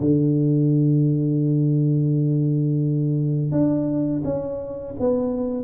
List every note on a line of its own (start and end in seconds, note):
0.00 3.52 D3
3.52 4.22 D4
4.24 4.95 C#4
5.00 5.64 B3